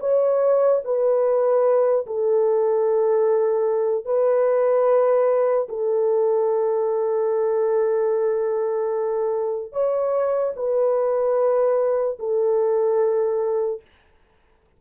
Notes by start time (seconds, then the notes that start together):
0.00 C#5
0.84 B4
2.06 A4
4.05 B4
5.69 A4
9.72 C#5
10.56 B4
12.19 A4